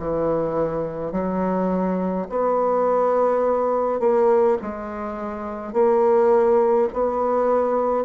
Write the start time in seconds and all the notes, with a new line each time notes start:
0.00 E3
1.12 F#3
2.30 B3
4.00 A#3
4.63 G#3
5.73 A#3
6.94 B3